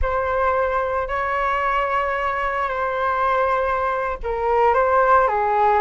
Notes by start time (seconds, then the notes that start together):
0.01 C5
1.08 C#5
2.68 C5
4.23 A#4
4.73 C5
5.27 G#4